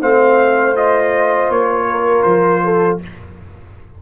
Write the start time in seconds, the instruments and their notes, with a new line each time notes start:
0.00 tuba A3, trombone C4, horn C5, trumpet F5
0.75 trombone F4, trumpet D#5
1.49 tuba A#3, trumpet C#5
1.90 horn A#4
2.23 tuba F3, trumpet C5
2.64 horn A4